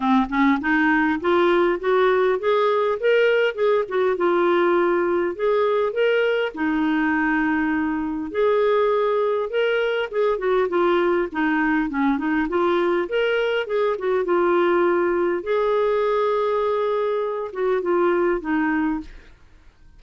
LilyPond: \new Staff \with { instrumentName = "clarinet" } { \time 4/4 \tempo 4 = 101 c'8 cis'8 dis'4 f'4 fis'4 | gis'4 ais'4 gis'8 fis'8 f'4~ | f'4 gis'4 ais'4 dis'4~ | dis'2 gis'2 |
ais'4 gis'8 fis'8 f'4 dis'4 | cis'8 dis'8 f'4 ais'4 gis'8 fis'8 | f'2 gis'2~ | gis'4. fis'8 f'4 dis'4 | }